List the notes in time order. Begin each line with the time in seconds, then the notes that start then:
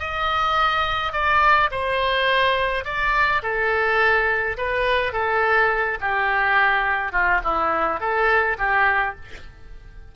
0.00 D#5
1.13 D5
1.71 C5
2.85 D5
3.43 A4
4.58 B4
5.13 A4
6.01 G4
7.12 F4
7.44 E4
8.00 A4
8.58 G4